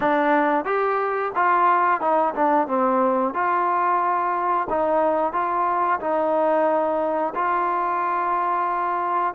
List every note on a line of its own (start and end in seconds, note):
0.00 0.65 D4
0.65 1.31 G4
1.35 2.00 F4
2.00 2.34 D#4
2.35 2.67 D4
2.67 3.34 C4
3.34 4.67 F4
4.69 5.32 D#4
5.32 5.99 F4
6.00 7.33 D#4
7.35 9.34 F4